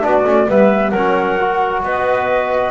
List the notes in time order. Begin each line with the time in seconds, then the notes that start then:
0.00 B3 D4 F#4 D5
0.24 A3 C#4
0.46 G3 B3 B4 E5
0.90 F#3 A#4 F#5
0.96 C#4
1.40 F#4
1.83 B3 B4 D#5